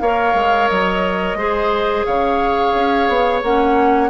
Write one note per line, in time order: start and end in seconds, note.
0.00 0.34 A#3
0.00 1.38 A#4
0.00 1.38 C#5
0.00 0.68 F5
0.34 0.68 G#3
0.68 1.35 F#3
0.68 2.04 D#5
1.35 2.03 G#3
1.35 3.42 G#4
1.35 2.06 C5
2.05 2.74 C#3
2.05 4.10 C#5
2.05 3.41 F5
2.74 3.08 C#4
3.08 3.42 B3
3.42 4.10 A#3
3.42 4.10 C#4
3.42 4.10 F#5